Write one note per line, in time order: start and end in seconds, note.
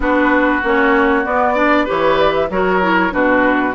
0.00 0.61 B3
0.00 0.62 D4
0.00 1.54 F#4
0.00 0.64 B4
0.63 1.25 A#3
0.63 1.24 C#4
0.63 1.25 C#5
1.24 1.55 B3
1.24 1.87 B3
1.24 1.87 D5
1.54 1.86 D4
1.54 1.84 D5
1.84 2.49 E3
1.84 2.48 G4
1.84 2.47 B4
1.84 2.17 C#5
2.17 2.33 D5
2.34 2.50 E5
2.49 3.12 F#3
2.49 2.81 F#4
2.49 3.13 A#4
2.49 3.13 C#5
2.81 3.11 E4
3.11 3.74 B2
3.11 3.73 D4
3.11 3.75 F#4
3.11 3.75 B4